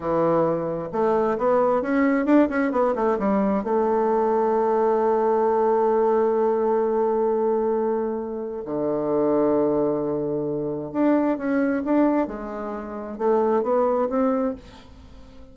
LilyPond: \new Staff \with { instrumentName = "bassoon" } { \time 4/4 \tempo 4 = 132 e2 a4 b4 | cis'4 d'8 cis'8 b8 a8 g4 | a1~ | a1~ |
a2. d4~ | d1 | d'4 cis'4 d'4 gis4~ | gis4 a4 b4 c'4 | }